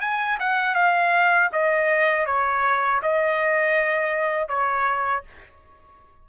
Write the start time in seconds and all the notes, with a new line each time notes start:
0.00 G#5
0.39 F#5
0.74 F5
1.52 D#5
2.26 C#5
3.02 D#5
4.48 C#5